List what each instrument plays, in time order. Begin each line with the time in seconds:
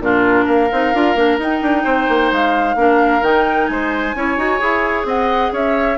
0.00 bassoon A#2, clarinet D4, oboe F4, flute A#4
0.45 bassoon A#3, oboe A#4, flute F5
0.72 bassoon C4, clarinet D#4
0.94 bassoon D4, clarinet F4
1.15 bassoon A#3, clarinet D4
1.39 bassoon D#4, clarinet D#4, flute G5
1.62 bassoon D4
1.84 bassoon C4, oboe C5
2.09 bassoon A#3
2.32 bassoon G#3, flute F5
2.76 bassoon A#3, clarinet D4, oboe A#4
3.22 bassoon D#3, clarinet D#4, flute G5
3.67 bassoon G#3, oboe C5, flute G#5
4.15 bassoon C#4, clarinet E4, oboe C#5
4.37 bassoon D#4, clarinet F#4
4.59 bassoon E4, clarinet G#4
5.05 bassoon C4, oboe D#5, flute F#5
5.53 bassoon C#4, oboe C#5, flute E5